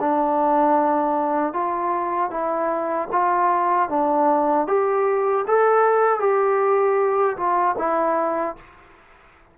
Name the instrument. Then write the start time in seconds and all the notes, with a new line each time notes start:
trombone
0.00 D4
1.53 F4
2.31 E4
3.12 F4
3.90 D4
4.67 G4
5.48 A4
6.20 G4
7.37 F4
7.78 E4